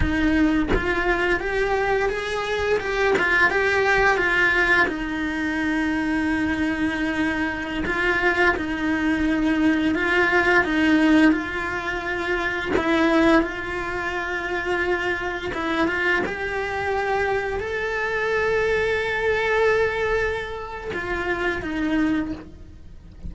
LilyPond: \new Staff \with { instrumentName = "cello" } { \time 4/4 \tempo 4 = 86 dis'4 f'4 g'4 gis'4 | g'8 f'8 g'4 f'4 dis'4~ | dis'2.~ dis'16 f'8.~ | f'16 dis'2 f'4 dis'8.~ |
dis'16 f'2 e'4 f'8.~ | f'2~ f'16 e'8 f'8 g'8.~ | g'4~ g'16 a'2~ a'8.~ | a'2 f'4 dis'4 | }